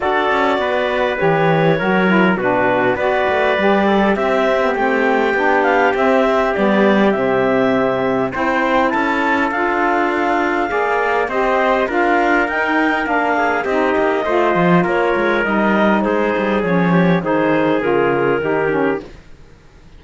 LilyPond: <<
  \new Staff \with { instrumentName = "clarinet" } { \time 4/4 \tempo 4 = 101 d''2 cis''2 | b'4 d''2 e''4 | g''4. f''8 e''4 d''4 | e''2 g''4 a''4 |
f''2. dis''4 | f''4 g''4 f''4 dis''4~ | dis''4 cis''4 dis''4 c''4 | cis''4 c''4 ais'2 | }
  \new Staff \with { instrumentName = "trumpet" } { \time 4/4 a'4 b'2 ais'4 | fis'4 b'4. a'8 g'4~ | g'1~ | g'2 c''4 a'4~ |
a'2 d''4 c''4 | ais'2~ ais'8 gis'8 g'4 | c''4 ais'2 gis'4~ | gis'8 g'8 gis'2 g'4 | }
  \new Staff \with { instrumentName = "saxophone" } { \time 4/4 fis'2 g'4 fis'8 e'8 | d'4 fis'4 g'4 c'8. b16 | c'4 d'4 c'4 b4 | c'2 e'2 |
f'2 gis'4 g'4 | f'4 dis'4 d'4 dis'4 | f'2 dis'2 | cis'4 dis'4 f'4 dis'8 cis'8 | }
  \new Staff \with { instrumentName = "cello" } { \time 4/4 d'8 cis'8 b4 e4 fis4 | b,4 b8 a8 g4 c'4 | a4 b4 c'4 g4 | c2 c'4 cis'4 |
d'2 ais4 c'4 | d'4 dis'4 ais4 c'8 ais8 | a8 f8 ais8 gis8 g4 gis8 g8 | f4 dis4 cis4 dis4 | }
>>